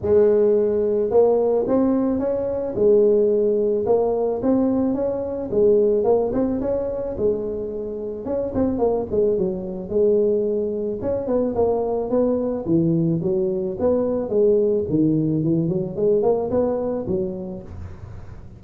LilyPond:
\new Staff \with { instrumentName = "tuba" } { \time 4/4 \tempo 4 = 109 gis2 ais4 c'4 | cis'4 gis2 ais4 | c'4 cis'4 gis4 ais8 c'8 | cis'4 gis2 cis'8 c'8 |
ais8 gis8 fis4 gis2 | cis'8 b8 ais4 b4 e4 | fis4 b4 gis4 dis4 | e8 fis8 gis8 ais8 b4 fis4 | }